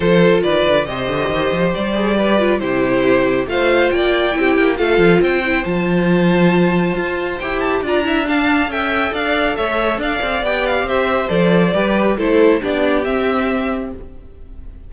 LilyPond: <<
  \new Staff \with { instrumentName = "violin" } { \time 4/4 \tempo 4 = 138 c''4 d''4 dis''2 | d''2 c''2 | f''4 g''2 f''4 | g''4 a''2.~ |
a''4 g''8 a''8 ais''4 a''4 | g''4 f''4 e''4 f''4 | g''8 f''8 e''4 d''2 | c''4 d''4 e''2 | }
  \new Staff \with { instrumentName = "violin" } { \time 4/4 a'4 b'4 c''2~ | c''4 b'4 g'2 | c''4 d''4 g'4 a'4 | c''1~ |
c''2 d''8 e''8 f''4 | e''4 d''4 cis''4 d''4~ | d''4 c''2 b'4 | a'4 g'2. | }
  \new Staff \with { instrumentName = "viola" } { \time 4/4 f'2 g'2~ | g'8 gis'8 g'8 f'8 e'2 | f'2 e'4 f'4~ | f'8 e'8 f'2.~ |
f'4 g'4 f'8 e'8 d'4 | a'1 | g'2 a'4 g'4 | e'4 d'4 c'2 | }
  \new Staff \with { instrumentName = "cello" } { \time 4/4 f4 dis8 d8 c8 d8 dis8 f8 | g2 c2 | a4 ais4 c'8 ais8 a8 f8 | c'4 f2. |
f'4 e'4 d'2 | cis'4 d'4 a4 d'8 c'8 | b4 c'4 f4 g4 | a4 b4 c'2 | }
>>